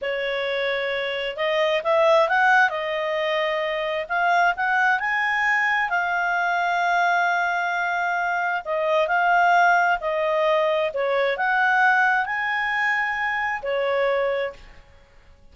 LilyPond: \new Staff \with { instrumentName = "clarinet" } { \time 4/4 \tempo 4 = 132 cis''2. dis''4 | e''4 fis''4 dis''2~ | dis''4 f''4 fis''4 gis''4~ | gis''4 f''2.~ |
f''2. dis''4 | f''2 dis''2 | cis''4 fis''2 gis''4~ | gis''2 cis''2 | }